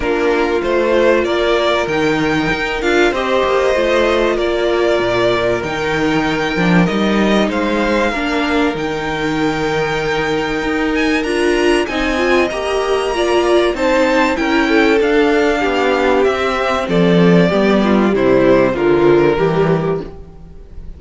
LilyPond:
<<
  \new Staff \with { instrumentName = "violin" } { \time 4/4 \tempo 4 = 96 ais'4 c''4 d''4 g''4~ | g''8 f''8 dis''2 d''4~ | d''4 g''2 dis''4 | f''2 g''2~ |
g''4. gis''8 ais''4 gis''4 | ais''2 a''4 g''4 | f''2 e''4 d''4~ | d''4 c''4 ais'2 | }
  \new Staff \with { instrumentName = "violin" } { \time 4/4 f'2 ais'2~ | ais'4 c''2 ais'4~ | ais'1 | c''4 ais'2.~ |
ais'2. dis''4~ | dis''4 d''4 c''4 ais'8 a'8~ | a'4 g'2 a'4 | g'8 f'8 e'4 f'4 g'4 | }
  \new Staff \with { instrumentName = "viola" } { \time 4/4 d'4 f'2 dis'4~ | dis'8 f'8 g'4 f'2~ | f'4 dis'4. d'8 dis'4~ | dis'4 d'4 dis'2~ |
dis'2 f'4 dis'8 f'8 | g'4 f'4 dis'4 e'4 | d'2 c'2 | b4 g4 f4 g4 | }
  \new Staff \with { instrumentName = "cello" } { \time 4/4 ais4 a4 ais4 dis4 | dis'8 d'8 c'8 ais8 a4 ais4 | ais,4 dis4. f8 g4 | gis4 ais4 dis2~ |
dis4 dis'4 d'4 c'4 | ais2 c'4 cis'4 | d'4 b4 c'4 f4 | g4 c4 d4 e4 | }
>>